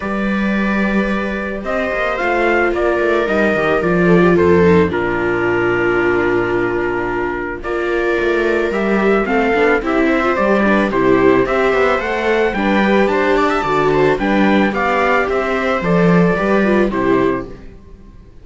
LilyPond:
<<
  \new Staff \with { instrumentName = "trumpet" } { \time 4/4 \tempo 4 = 110 d''2. dis''4 | f''4 d''4 dis''4 d''4 | c''4 ais'2.~ | ais'2 d''2 |
e''4 f''4 e''4 d''4 | c''4 e''4 fis''4 g''4 | a''2 g''4 f''4 | e''4 d''2 c''4 | }
  \new Staff \with { instrumentName = "viola" } { \time 4/4 b'2. c''4~ | c''4 ais'2~ ais'8 a'16 g'16 | a'4 f'2.~ | f'2 ais'2~ |
ais'4 a'4 g'8 c''4 b'8 | g'4 c''2 b'4 | c''8 d''16 e''16 d''8 c''8 b'4 d''4 | c''2 b'4 g'4 | }
  \new Staff \with { instrumentName = "viola" } { \time 4/4 g'1 | f'2 dis'8 g'8 f'4~ | f'8 dis'8 d'2.~ | d'2 f'2 |
g'4 c'8 d'8 e'8. f'16 g'8 d'8 | e'4 g'4 a'4 d'8 g'8~ | g'4 fis'4 d'4 g'4~ | g'4 a'4 g'8 f'8 e'4 | }
  \new Staff \with { instrumentName = "cello" } { \time 4/4 g2. c'8 ais8 | a4 ais8 a8 g8 dis8 f4 | f,4 ais,2.~ | ais,2 ais4 a4 |
g4 a8 b8 c'4 g4 | c4 c'8 b8 a4 g4 | d'4 d4 g4 b4 | c'4 f4 g4 c4 | }
>>